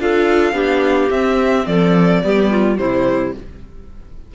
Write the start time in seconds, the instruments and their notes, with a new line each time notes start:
0.00 cello D4, viola F4, clarinet A4, violin F5
0.53 cello B3, viola D4, clarinet G4
1.10 cello C4, viola C4, violin E5
1.67 cello F3, clarinet A4, violin D5
2.24 cello G3, viola B3, clarinet G4
2.50 clarinet F4
2.76 cello C3, viola G3, clarinet E4, violin C5